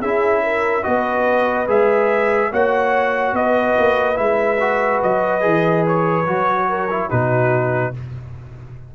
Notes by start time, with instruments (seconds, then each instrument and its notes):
0.00 tuba C#4, trombone E4, horn G#4, trumpet E5
0.43 horn A#4
0.82 tuba B3, trombone F#4, horn B4, trumpet D#5
1.67 tuba G#3, trombone G#4, trumpet E5
2.51 tuba A#3, trombone F#4, horn C#5, trumpet F#5
3.33 tuba B3, horn B4, trumpet D#5
3.78 tuba A#3
4.15 tuba G#3, trombone E4, trumpet E5
4.60 trombone F#4
5.02 tuba F#3, trumpet D#5
5.40 tuba E3, trombone G#4
5.87 trumpet C#5
6.26 tuba F#3, trombone F#4
6.68 horn A#4
6.90 trombone E4
7.09 tuba B2, trombone D#4, horn F#4, trumpet B4